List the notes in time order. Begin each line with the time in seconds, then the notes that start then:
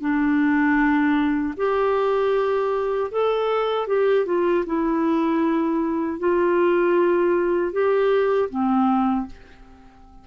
0.00 D4
1.56 G4
3.11 A4
3.87 G4
4.26 F4
4.65 E4
6.19 F4
7.72 G4
8.49 C4